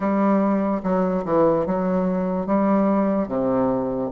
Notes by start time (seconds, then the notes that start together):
0.00 G3
0.83 F#3
1.24 E3
1.66 F#3
2.46 G3
3.28 C3